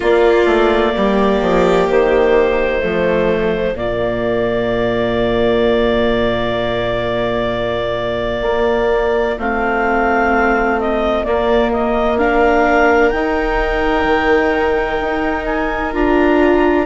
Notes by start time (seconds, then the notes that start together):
0.00 A#3 F4 D5
0.45 A3
0.96 G3 G4
1.41 F3
1.89 D#3 C5
2.80 F3 A3 F4
3.74 A#2 A#3 D5
8.42 A#3
9.38 A3 C4 F5
10.80 D#5
11.23 A#3 D5
11.71 D#5
12.18 D4 A#4 F5
13.10 D#4 G5
14.04 D#3
15.00 D#4
15.45 G#5
15.93 D4 F4 A#5